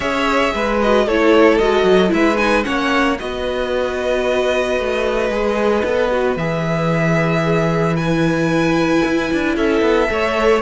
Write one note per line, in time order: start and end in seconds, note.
0.00 0.53 C#4
0.00 0.78 G#4
0.00 0.53 C#5
0.00 0.80 E5
0.54 1.06 G#3
0.54 1.06 B4
0.81 1.08 F#4
0.81 1.08 D#5
1.06 1.59 A3
1.06 1.60 E4
1.06 2.12 A4
1.06 1.58 C#5
1.58 1.83 G#3
1.58 2.08 F#4
1.58 2.11 D#5
1.83 2.10 F#3
2.08 2.65 G#3
2.08 2.34 E4
2.08 2.37 E5
2.14 2.65 B4
2.37 2.63 D#4
2.37 2.63 G#5
2.63 3.20 A#3
2.63 3.16 C#4
2.63 3.18 C#5
2.63 3.17 F#5
3.19 4.79 B3
3.19 5.31 F#4
3.19 7.43 B4
3.19 6.37 D#5
4.79 5.29 A3
5.29 5.82 G#3
5.29 5.84 G#4
5.84 6.36 B3
5.84 6.10 A4
6.10 6.36 F#4
6.36 9.01 E3
6.36 7.97 G#4
6.36 7.96 E5
7.43 7.96 G#4
7.96 10.07 E4
7.96 9.55 B4
7.96 9.55 G#5
9.05 9.32 E4
9.32 9.57 D4
9.56 9.81 C#4
9.56 10.09 A4
9.56 10.61 E5
9.81 10.07 B3
10.07 10.61 A3
10.07 10.60 A4
10.07 10.61 C#5